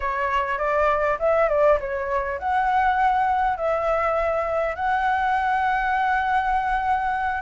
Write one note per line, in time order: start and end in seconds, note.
0.00 0.58 C#5
0.58 1.17 D5
1.19 1.49 E5
1.49 1.78 D5
1.80 2.38 C#5
2.38 3.56 F#5
3.56 4.75 E5
4.75 7.41 F#5